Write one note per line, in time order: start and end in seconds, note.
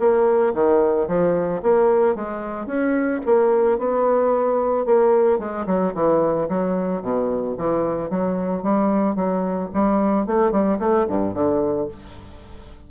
0.00 0.54 A#3
0.55 1.08 D#3
1.08 1.62 F3
1.63 2.15 A#3
2.15 2.67 G#3
2.67 3.21 C#4
3.26 3.79 A#3
3.79 4.86 B3
4.86 5.39 A#3
5.39 5.66 G#3
5.67 5.94 F#3
5.95 6.49 E3
6.49 7.02 F#3
7.02 7.56 B2
7.58 8.10 E3
8.10 8.63 F#3
8.63 9.16 G3
9.16 9.70 F#3
9.74 10.27 G3
10.27 10.52 A3
10.52 10.79 G3
10.80 11.07 A3
11.09 11.34 G2
11.34 11.88 D3